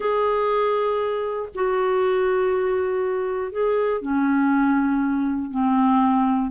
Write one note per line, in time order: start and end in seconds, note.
0.00 1.49 G#4
1.54 3.52 F#4
3.52 4.01 G#4
4.01 5.50 C#4
5.50 6.50 C4